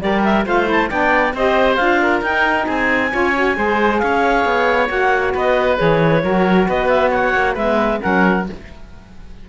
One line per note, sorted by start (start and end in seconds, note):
0.00 0.46 G3
0.00 0.44 G4
0.00 0.46 A#4
0.00 0.23 D5
0.24 0.46 E5
0.45 0.91 A3
0.45 0.65 F4
0.45 0.90 C5
0.45 0.70 F5
0.65 0.87 E4
0.65 0.90 A5
0.90 1.33 B3
0.90 1.34 D4
0.90 1.34 D5
0.90 1.34 G5
1.33 1.78 C4
1.33 1.78 G4
1.33 2.01 C5
1.33 1.76 D#5
1.76 2.21 D4
1.76 2.23 F4
1.76 2.20 F5
2.02 2.66 A#4
2.21 2.66 D#4
2.21 3.11 D#4
2.21 2.68 G5
2.66 3.13 C4
2.66 3.10 G#4
2.66 3.99 G#5
3.11 3.57 C#4
3.11 3.33 F4
3.11 3.57 C#5
3.35 3.55 F#4
3.55 4.02 G#3
3.55 4.88 G#4
3.55 4.01 C5
3.99 4.45 C#4
3.99 5.34 C#5
3.99 4.87 F5
4.45 4.90 B3
4.88 5.34 A#3
4.88 5.77 F#4
4.88 5.35 F#5
5.34 5.79 B3
5.34 6.22 B4
5.34 5.78 D#5
5.77 6.24 E3
5.77 6.21 G#4
5.77 6.67 C#5
6.23 6.68 F#3
6.23 7.57 F#4
6.23 6.68 A#4
6.68 7.34 B3
6.68 7.11 B4
6.68 6.88 D#5
6.88 7.11 E5
7.11 7.54 C#5
7.11 7.56 F#5
7.34 7.56 A#3
7.54 8.01 G#3
7.54 8.01 B3
7.54 7.98 B4
7.54 8.01 E5
8.01 8.49 F#3
8.01 8.45 C#4
8.01 8.47 A#4
8.01 8.46 F#5